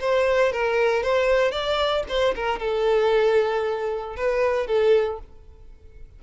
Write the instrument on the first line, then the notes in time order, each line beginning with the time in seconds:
violin
0.00 C5
0.52 A#4
1.03 C5
1.51 D5
2.08 C5
2.35 A#4
2.59 A4
4.16 B4
4.67 A4